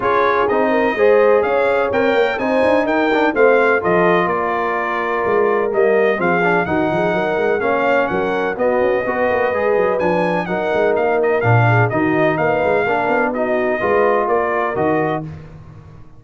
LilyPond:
<<
  \new Staff \with { instrumentName = "trumpet" } { \time 4/4 \tempo 4 = 126 cis''4 dis''2 f''4 | g''4 gis''4 g''4 f''4 | dis''4 d''2. | dis''4 f''4 fis''2 |
f''4 fis''4 dis''2~ | dis''4 gis''4 fis''4 f''8 dis''8 | f''4 dis''4 f''2 | dis''2 d''4 dis''4 | }
  \new Staff \with { instrumentName = "horn" } { \time 4/4 gis'4. ais'8 c''4 cis''4~ | cis''4 c''4 ais'4 c''4 | a'4 ais'2.~ | ais'4 gis'4 fis'8 gis'8 ais'4 |
cis''4 ais'4 fis'4 b'4~ | b'2 ais'2~ | ais'8 gis'8 fis'4 b'4 ais'4 | fis'4 b'4 ais'2 | }
  \new Staff \with { instrumentName = "trombone" } { \time 4/4 f'4 dis'4 gis'2 | ais'4 dis'4. d'8 c'4 | f'1 | ais4 c'8 d'8 dis'2 |
cis'2 b4 fis'4 | gis'4 d'4 dis'2 | d'4 dis'2 d'4 | dis'4 f'2 fis'4 | }
  \new Staff \with { instrumentName = "tuba" } { \time 4/4 cis'4 c'4 gis4 cis'4 | c'8 ais8 c'8 d'8 dis'4 a4 | f4 ais2 gis4 | g4 f4 dis8 f8 fis8 gis8 |
ais4 fis4 b8 cis'8 b8 ais8 | gis8 fis8 f4 fis8 gis8 ais4 | ais,4 dis4 ais8 gis8 ais8 b8~ | b4 gis4 ais4 dis4 | }
>>